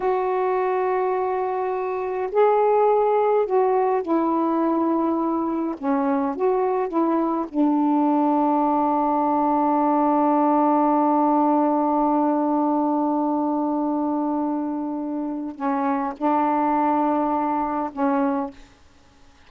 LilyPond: \new Staff \with { instrumentName = "saxophone" } { \time 4/4 \tempo 4 = 104 fis'1 | gis'2 fis'4 e'4~ | e'2 cis'4 fis'4 | e'4 d'2.~ |
d'1~ | d'1~ | d'2. cis'4 | d'2. cis'4 | }